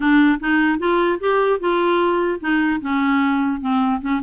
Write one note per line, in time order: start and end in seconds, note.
0.00 0.39 D4
0.39 0.78 D#4
0.78 1.18 F4
1.20 1.60 G4
1.60 2.40 F4
2.40 2.80 D#4
2.81 3.60 C#4
3.60 4.00 C4
4.01 4.21 C#4